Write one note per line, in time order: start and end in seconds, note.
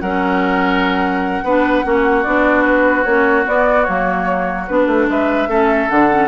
0.00 1.43 F#3
0.00 1.46 C#4
0.00 1.44 A#4
0.00 2.22 F#5
1.43 1.83 B3
1.43 1.83 D4
1.43 1.85 B4
1.83 2.25 A#3
1.83 2.24 C#4
1.83 5.09 F#4
2.22 3.05 B3
2.22 3.06 D4
2.22 2.63 D5
2.64 3.03 B4
3.03 3.46 A#3
3.03 3.44 C#4
3.03 3.44 C#5
3.44 3.85 B3
3.44 3.87 B3
3.44 3.84 D5
3.84 4.69 F#3
3.84 4.67 A#3
3.84 4.65 C#5
4.67 4.86 B3
4.67 5.49 D4
4.67 5.08 B4
4.86 5.07 A3
5.08 5.47 G#3
5.08 5.48 B4
5.08 5.89 E5
5.47 5.87 A3
5.47 5.89 C#4
5.47 6.28 A4
5.89 6.28 D3
5.89 6.09 D4
5.89 6.28 F#5
6.10 6.28 C#4